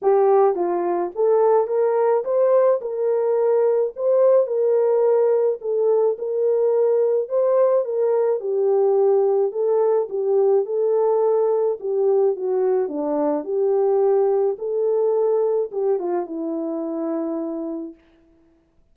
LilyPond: \new Staff \with { instrumentName = "horn" } { \time 4/4 \tempo 4 = 107 g'4 f'4 a'4 ais'4 | c''4 ais'2 c''4 | ais'2 a'4 ais'4~ | ais'4 c''4 ais'4 g'4~ |
g'4 a'4 g'4 a'4~ | a'4 g'4 fis'4 d'4 | g'2 a'2 | g'8 f'8 e'2. | }